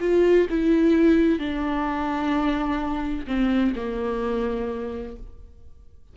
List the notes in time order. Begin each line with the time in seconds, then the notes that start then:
0.00 F4
0.50 E4
1.38 D4
3.27 C4
3.75 A#3